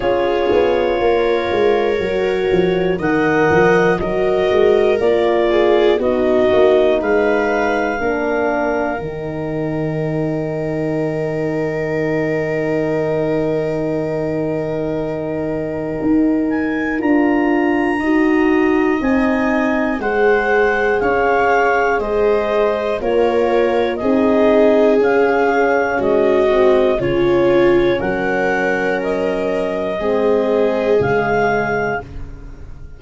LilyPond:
<<
  \new Staff \with { instrumentName = "clarinet" } { \time 4/4 \tempo 4 = 60 cis''2. fis''4 | dis''4 d''4 dis''4 f''4~ | f''4 g''2.~ | g''1~ |
g''8 gis''8 ais''2 gis''4 | fis''4 f''4 dis''4 cis''4 | dis''4 f''4 dis''4 cis''4 | fis''4 dis''2 f''4 | }
  \new Staff \with { instrumentName = "viola" } { \time 4/4 gis'4 ais'2 dis''4 | ais'4. gis'8 fis'4 b'4 | ais'1~ | ais'1~ |
ais'2 dis''2 | c''4 cis''4 c''4 ais'4 | gis'2 fis'4 f'4 | ais'2 gis'2 | }
  \new Staff \with { instrumentName = "horn" } { \time 4/4 f'2 fis'4 ais'4 | fis'4 f'4 dis'2 | d'4 dis'2.~ | dis'1~ |
dis'4 f'4 fis'4 dis'4 | gis'2. f'4 | dis'4 cis'4. c'8 cis'4~ | cis'2 c'4 gis4 | }
  \new Staff \with { instrumentName = "tuba" } { \time 4/4 cis'8 b8 ais8 gis8 fis8 f8 dis8 f8 | fis8 gis8 ais4 b8 ais8 gis4 | ais4 dis2.~ | dis1 |
dis'4 d'4 dis'4 c'4 | gis4 cis'4 gis4 ais4 | c'4 cis'4 gis4 cis4 | fis2 gis4 cis4 | }
>>